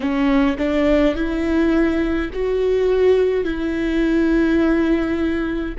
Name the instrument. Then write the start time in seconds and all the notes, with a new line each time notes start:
viola
0.00 C#4
0.58 D4
1.15 E4
2.33 F#4
3.44 E4